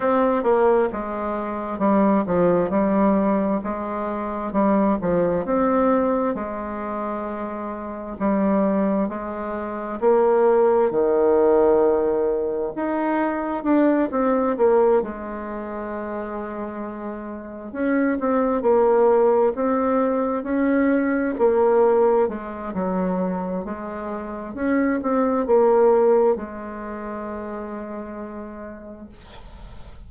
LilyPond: \new Staff \with { instrumentName = "bassoon" } { \time 4/4 \tempo 4 = 66 c'8 ais8 gis4 g8 f8 g4 | gis4 g8 f8 c'4 gis4~ | gis4 g4 gis4 ais4 | dis2 dis'4 d'8 c'8 |
ais8 gis2. cis'8 | c'8 ais4 c'4 cis'4 ais8~ | ais8 gis8 fis4 gis4 cis'8 c'8 | ais4 gis2. | }